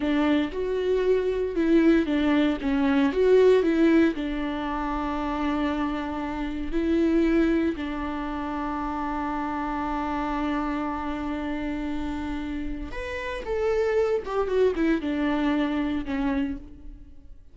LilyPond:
\new Staff \with { instrumentName = "viola" } { \time 4/4 \tempo 4 = 116 d'4 fis'2 e'4 | d'4 cis'4 fis'4 e'4 | d'1~ | d'4 e'2 d'4~ |
d'1~ | d'1~ | d'4 b'4 a'4. g'8 | fis'8 e'8 d'2 cis'4 | }